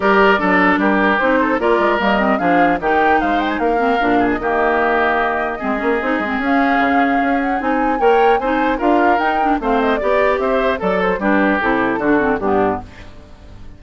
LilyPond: <<
  \new Staff \with { instrumentName = "flute" } { \time 4/4 \tempo 4 = 150 d''2 ais'4 c''4 | d''4 dis''4 f''4 g''4 | f''8 g''16 gis''16 f''4.~ f''16 dis''4~ dis''16~ | dis''1 |
f''2~ f''8 fis''8 gis''4 | g''4 gis''4 f''4 g''4 | f''8 dis''8 d''4 e''4 d''8 c''8 | b'4 a'2 g'4 | }
  \new Staff \with { instrumentName = "oboe" } { \time 4/4 ais'4 a'4 g'4. a'8 | ais'2 gis'4 g'4 | c''4 ais'4. gis'8 g'4~ | g'2 gis'2~ |
gis'1 | cis''4 c''4 ais'2 | c''4 d''4 c''4 a'4 | g'2 fis'4 d'4 | }
  \new Staff \with { instrumentName = "clarinet" } { \time 4/4 g'4 d'2 dis'4 | f'4 ais8 c'8 d'4 dis'4~ | dis'4. c'8 d'4 ais4~ | ais2 c'8 cis'8 dis'8 c'8 |
cis'2. dis'4 | ais'4 dis'4 f'4 dis'8 d'8 | c'4 g'2 a'4 | d'4 e'4 d'8 c'8 b4 | }
  \new Staff \with { instrumentName = "bassoon" } { \time 4/4 g4 fis4 g4 c'4 | ais8 gis8 g4 f4 dis4 | gis4 ais4 ais,4 dis4~ | dis2 gis8 ais8 c'8 gis8 |
cis'4 cis4 cis'4 c'4 | ais4 c'4 d'4 dis'4 | a4 b4 c'4 fis4 | g4 c4 d4 g,4 | }
>>